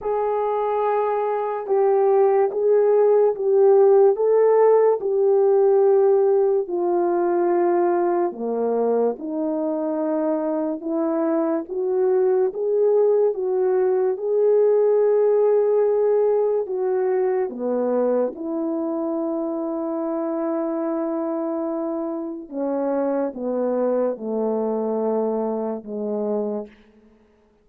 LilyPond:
\new Staff \with { instrumentName = "horn" } { \time 4/4 \tempo 4 = 72 gis'2 g'4 gis'4 | g'4 a'4 g'2 | f'2 ais4 dis'4~ | dis'4 e'4 fis'4 gis'4 |
fis'4 gis'2. | fis'4 b4 e'2~ | e'2. cis'4 | b4 a2 gis4 | }